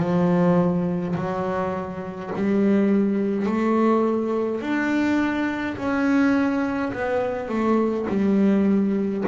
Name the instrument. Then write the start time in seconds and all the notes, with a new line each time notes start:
double bass
0.00 F3
1.16 F#3
2.36 G3
3.47 A3
4.62 D4
5.77 C#4
6.93 B3
7.49 A3
8.09 G3